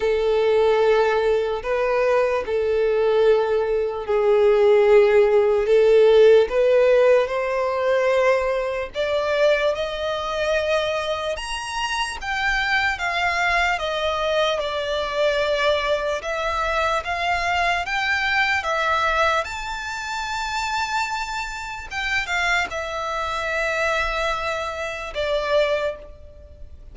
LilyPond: \new Staff \with { instrumentName = "violin" } { \time 4/4 \tempo 4 = 74 a'2 b'4 a'4~ | a'4 gis'2 a'4 | b'4 c''2 d''4 | dis''2 ais''4 g''4 |
f''4 dis''4 d''2 | e''4 f''4 g''4 e''4 | a''2. g''8 f''8 | e''2. d''4 | }